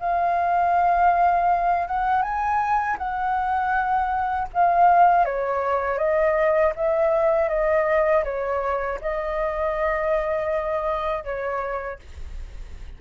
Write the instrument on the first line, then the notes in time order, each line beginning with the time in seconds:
flute
0.00 F5
1.88 F#5
2.22 G#5
2.98 F#5
4.54 F5
5.25 C#5
5.98 D#5
6.76 E5
7.49 D#5
8.25 C#5
9.01 D#5
11.24 C#5